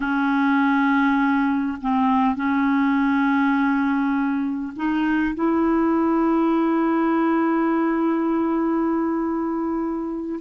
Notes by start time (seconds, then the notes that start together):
0.00 C#4
1.81 C4
2.35 C#4
4.76 D#4
5.34 E4